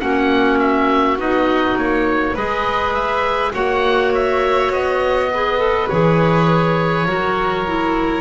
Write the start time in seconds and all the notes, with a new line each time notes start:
0.00 A#3 C#4 F#4 F#5
0.60 E5
1.18 B3 D#4 D#5
1.77 A#3 C#5
2.35 G#3 G#4 B4 D#5
2.94 E5
3.54 A#3 F#4 C#5 F#5
4.15 E5
4.71 B3 D#5
5.34 G#4 B4
5.59 A4
5.89 E3 G#4 C#5
7.07 F#3 F#4 A#4
7.66 E4